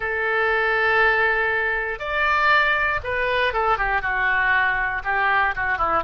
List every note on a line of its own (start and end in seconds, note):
0.00 1.99 A4
1.99 3.00 D5
3.03 3.53 B4
3.53 3.77 A4
3.77 4.01 G4
4.01 5.02 F#4
5.04 5.54 G4
5.55 5.78 F#4
5.78 6.03 E4